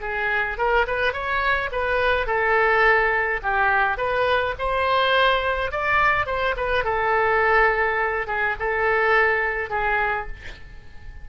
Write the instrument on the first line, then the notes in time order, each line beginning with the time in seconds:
oboe
0.00 G#4
0.57 A#4
0.86 B4
1.12 C#5
1.71 B4
2.26 A4
3.42 G4
3.97 B4
4.58 C5
5.71 D5
6.26 C5
6.56 B4
6.84 A4
8.27 G#4
8.59 A4
9.70 G#4